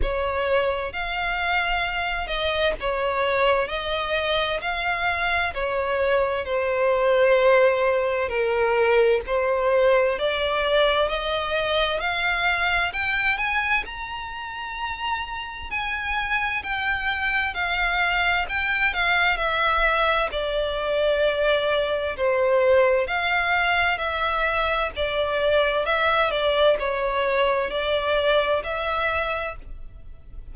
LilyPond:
\new Staff \with { instrumentName = "violin" } { \time 4/4 \tempo 4 = 65 cis''4 f''4. dis''8 cis''4 | dis''4 f''4 cis''4 c''4~ | c''4 ais'4 c''4 d''4 | dis''4 f''4 g''8 gis''8 ais''4~ |
ais''4 gis''4 g''4 f''4 | g''8 f''8 e''4 d''2 | c''4 f''4 e''4 d''4 | e''8 d''8 cis''4 d''4 e''4 | }